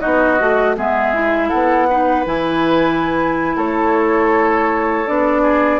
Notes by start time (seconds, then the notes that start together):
0.00 B3 D#4 F#4 D#5
0.40 A3 F#4
0.77 G#3 B3 G#4 E5
1.14 E4
1.49 B3 A4 F#5
1.90 D#4 B4
2.26 E3 E4 G#5
3.56 A3 A4 C#5
5.07 B3 D4 D5
5.42 G#4